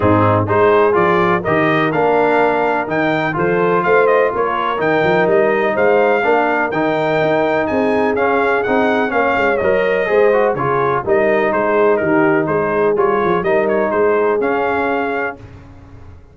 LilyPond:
<<
  \new Staff \with { instrumentName = "trumpet" } { \time 4/4 \tempo 4 = 125 gis'4 c''4 d''4 dis''4 | f''2 g''4 c''4 | f''8 dis''8 cis''4 g''4 dis''4 | f''2 g''2 |
gis''4 f''4 fis''4 f''4 | dis''2 cis''4 dis''4 | c''4 ais'4 c''4 cis''4 | dis''8 cis''8 c''4 f''2 | }
  \new Staff \with { instrumentName = "horn" } { \time 4/4 dis'4 gis'2 ais'4~ | ais'2. a'4 | c''4 ais'2. | c''4 ais'2. |
gis'2. cis''4~ | cis''4 c''4 gis'4 ais'4 | gis'4 g'4 gis'2 | ais'4 gis'2. | }
  \new Staff \with { instrumentName = "trombone" } { \time 4/4 c'4 dis'4 f'4 g'4 | d'2 dis'4 f'4~ | f'2 dis'2~ | dis'4 d'4 dis'2~ |
dis'4 cis'4 dis'4 cis'4 | ais'4 gis'8 fis'8 f'4 dis'4~ | dis'2. f'4 | dis'2 cis'2 | }
  \new Staff \with { instrumentName = "tuba" } { \time 4/4 gis,4 gis4 f4 dis4 | ais2 dis4 f4 | a4 ais4 dis8 f8 g4 | gis4 ais4 dis4 dis'4 |
c'4 cis'4 c'4 ais8 gis8 | fis4 gis4 cis4 g4 | gis4 dis4 gis4 g8 f8 | g4 gis4 cis'2 | }
>>